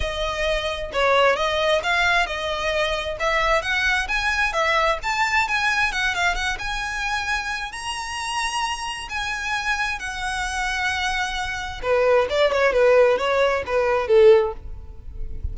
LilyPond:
\new Staff \with { instrumentName = "violin" } { \time 4/4 \tempo 4 = 132 dis''2 cis''4 dis''4 | f''4 dis''2 e''4 | fis''4 gis''4 e''4 a''4 | gis''4 fis''8 f''8 fis''8 gis''4.~ |
gis''4 ais''2. | gis''2 fis''2~ | fis''2 b'4 d''8 cis''8 | b'4 cis''4 b'4 a'4 | }